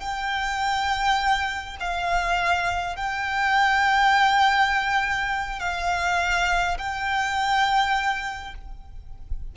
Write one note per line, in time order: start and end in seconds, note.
0.00 1.76 G5
1.80 2.96 F5
2.96 5.60 G5
5.60 6.78 F5
6.78 8.55 G5